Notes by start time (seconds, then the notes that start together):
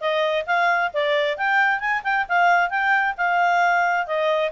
0.00 D#5
0.46 F5
0.93 D5
1.37 G5
1.80 G#5
2.03 G5
2.28 F5
2.69 G5
3.17 F5
4.06 D#5